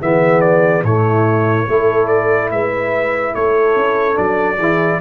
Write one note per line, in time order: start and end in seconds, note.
0.00 0.83 E3
0.00 0.83 B3
0.00 0.84 G#4
0.00 0.41 E5
0.41 0.82 D5
0.83 1.66 A2
0.83 1.68 A3
0.83 1.67 E4
0.83 2.07 C#5
1.67 2.50 A3
1.67 4.13 E4
1.67 2.51 A4
2.07 2.49 D5
2.50 3.34 G#3
2.50 3.34 B4
2.50 3.34 E5
3.34 3.75 A3
3.34 4.57 A4
3.34 4.17 C#5
3.75 4.17 C#4
4.13 4.58 F#3
4.13 4.55 D4
4.13 5.00 D5
4.57 5.00 E3
4.57 5.01 E4
4.57 4.98 G#4